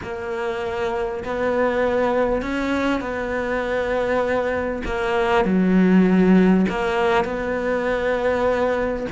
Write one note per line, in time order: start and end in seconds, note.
0.02 1.23 A#3
1.24 2.41 B3
2.41 3.00 C#4
3.00 4.82 B3
4.85 5.44 A#3
5.44 6.66 F#3
6.69 7.24 A#3
7.24 9.06 B3